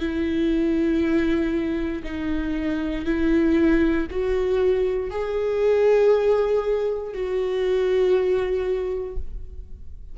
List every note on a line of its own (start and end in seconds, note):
0.00 2.03 E4
2.04 3.06 D#4
3.06 4.07 E4
4.11 5.11 F#4
5.11 7.14 G#4
7.14 9.17 F#4